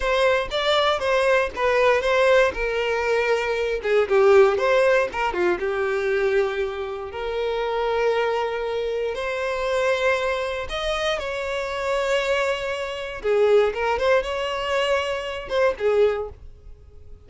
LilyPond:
\new Staff \with { instrumentName = "violin" } { \time 4/4 \tempo 4 = 118 c''4 d''4 c''4 b'4 | c''4 ais'2~ ais'8 gis'8 | g'4 c''4 ais'8 f'8 g'4~ | g'2 ais'2~ |
ais'2 c''2~ | c''4 dis''4 cis''2~ | cis''2 gis'4 ais'8 c''8 | cis''2~ cis''8 c''8 gis'4 | }